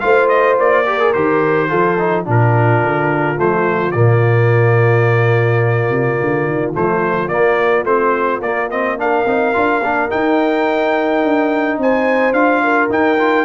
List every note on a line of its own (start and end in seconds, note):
0.00 0.59 A3
0.00 0.85 F4
0.00 0.88 C5
0.00 0.28 F5
0.29 0.57 D#5
0.59 1.15 A#3
0.59 1.13 D5
0.86 1.00 G4
0.86 1.70 A#4
1.00 1.14 G#4
1.13 1.71 D#3
1.13 1.69 G4
1.13 2.25 C5
1.69 2.27 F3
1.69 1.97 F4
1.69 2.25 A4
1.99 2.25 D#4
2.25 2.83 A#2
2.25 3.36 D4
2.25 8.98 F4
2.25 3.40 A#4
2.83 3.39 D3
3.36 3.94 F3
3.36 3.92 A3
3.36 3.92 C5
3.92 5.90 A#2
3.92 6.73 A#3
3.92 6.72 D5
5.90 6.18 C3
6.21 6.47 D3
6.47 6.75 D#3
6.73 7.28 F3
6.73 7.29 A3
6.73 7.28 C5
7.28 7.84 A#3
7.28 7.86 A#3
7.28 7.84 D5
7.84 8.40 A3
7.84 8.42 C4
7.84 8.42 C5
8.40 9.24 A#3
8.40 8.70 A#3
8.40 8.70 D5
8.70 8.98 C4
8.70 8.99 D#5
8.98 9.26 D4
8.98 11.81 A#4
8.98 10.11 F5
9.26 9.54 C4
9.26 9.53 D#4
9.53 9.80 D4
9.53 9.81 F4
9.80 10.09 A#3
9.80 10.09 D4
10.09 12.34 D#4
10.09 11.24 D#4
10.09 11.79 G5
11.24 11.78 D4
11.78 12.33 C4
11.78 12.64 C5
11.78 12.33 G#5
12.33 12.89 D4
12.33 12.90 F4
12.33 12.89 F5
12.64 13.45 A#4
12.89 13.45 D#4
12.89 13.18 D#4
12.89 13.45 G5
13.18 13.45 F4